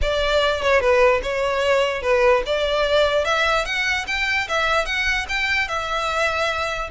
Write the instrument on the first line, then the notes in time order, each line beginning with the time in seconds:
violin
0.01 D5
0.61 C#5
0.80 B4
1.23 C#5
2.02 B4
2.46 D5
3.25 E5
3.65 F#5
4.07 G5
4.48 E5
4.85 F#5
5.29 G5
5.68 E5